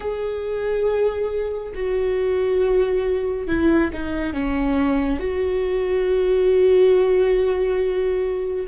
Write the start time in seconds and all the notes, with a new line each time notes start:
0.00 G#4
1.74 F#4
3.47 E4
3.92 D#4
4.33 C#4
5.19 F#4